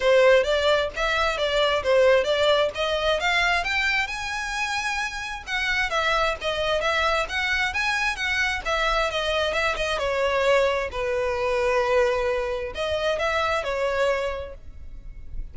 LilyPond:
\new Staff \with { instrumentName = "violin" } { \time 4/4 \tempo 4 = 132 c''4 d''4 e''4 d''4 | c''4 d''4 dis''4 f''4 | g''4 gis''2. | fis''4 e''4 dis''4 e''4 |
fis''4 gis''4 fis''4 e''4 | dis''4 e''8 dis''8 cis''2 | b'1 | dis''4 e''4 cis''2 | }